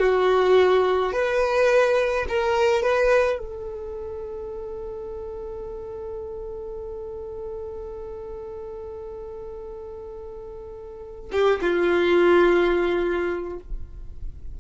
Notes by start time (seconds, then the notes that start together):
0.00 F#4
1.13 B4
2.29 A#4
2.83 B4
3.39 A4
11.32 G4
11.62 F4